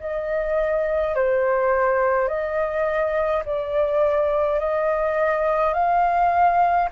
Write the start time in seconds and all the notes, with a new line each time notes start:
0.00 D#5
1.15 C5
2.28 D#5
3.46 D5
4.60 D#5
5.74 F5